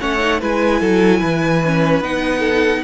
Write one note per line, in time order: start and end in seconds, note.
0.00 0.42 A3
0.00 0.19 C#4
0.00 0.40 C#5
0.00 0.41 F#5
0.19 0.40 D#4
0.40 0.81 G#3
0.40 1.62 E4
0.40 0.80 B4
0.40 2.03 G#5
0.80 1.21 F#3
0.80 1.20 A4
1.20 2.00 E3
1.20 2.39 B4
1.65 2.03 C#4
2.00 2.81 B3
2.00 2.84 D#4
2.00 2.84 F#5
2.39 2.79 A4